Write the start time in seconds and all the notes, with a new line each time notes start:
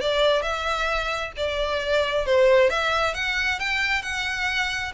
0.00 D5
0.42 E5
1.36 D5
2.25 C5
2.69 E5
3.14 F#5
3.59 G5
4.02 F#5